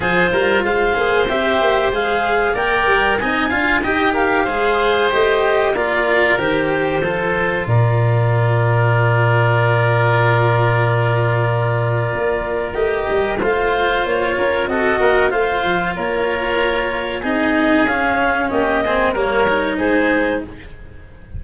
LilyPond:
<<
  \new Staff \with { instrumentName = "clarinet" } { \time 4/4 \tempo 4 = 94 c''4 f''4 e''4 f''4 | g''4 gis''4 g''8 f''4. | dis''4 d''4 c''2 | d''1~ |
d''1 | dis''4 f''4 cis''4 dis''4 | f''4 cis''2 dis''4 | f''4 dis''4 cis''4 c''4 | }
  \new Staff \with { instrumentName = "oboe" } { \time 4/4 gis'8 ais'8 c''2. | d''4 dis''8 f''8 dis''8 ais'8 c''4~ | c''4 ais'2 a'4 | ais'1~ |
ais'1~ | ais'4 c''4. ais'8 a'8 ais'8 | c''4 ais'2 gis'4~ | gis'4 g'8 gis'8 ais'4 gis'4 | }
  \new Staff \with { instrumentName = "cello" } { \time 4/4 f'4. gis'8 g'4 gis'4 | ais'4 dis'8 f'8 g'4 gis'4 | g'4 f'4 g'4 f'4~ | f'1~ |
f'1 | g'4 f'2 fis'4 | f'2. dis'4 | cis'4. c'8 ais8 dis'4. | }
  \new Staff \with { instrumentName = "tuba" } { \time 4/4 f8 g8 gis8 ais8 c'8 ais8 gis4 | ais8 g8 c'8 d'8 dis'4 gis4 | a4 ais4 dis4 f4 | ais,1~ |
ais,2. ais4 | a8 g8 a4 ais8 cis'8 c'8 ais8 | a8 f8 ais2 c'4 | cis'4 ais4 g4 gis4 | }
>>